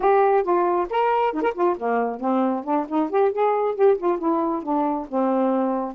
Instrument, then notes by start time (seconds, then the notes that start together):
saxophone
0.00 G4
0.43 F4
0.90 A#4
1.33 D#4
1.42 A#4
1.54 F4
1.78 A#3
2.20 C4
2.64 D4
2.88 D#4
3.10 G4
3.31 G#4
3.75 G4
3.97 F4
4.18 E4
4.62 D4
5.08 C4